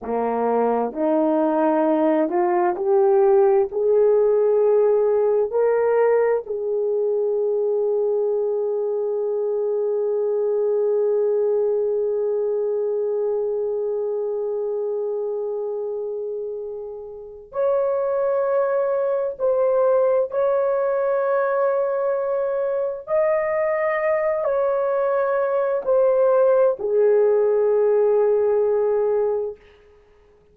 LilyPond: \new Staff \with { instrumentName = "horn" } { \time 4/4 \tempo 4 = 65 ais4 dis'4. f'8 g'4 | gis'2 ais'4 gis'4~ | gis'1~ | gis'1~ |
gis'2. cis''4~ | cis''4 c''4 cis''2~ | cis''4 dis''4. cis''4. | c''4 gis'2. | }